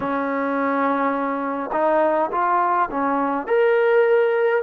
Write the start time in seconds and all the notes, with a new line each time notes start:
0.00 C#4
1.72 D#4
2.31 F4
2.91 C#4
3.47 A#4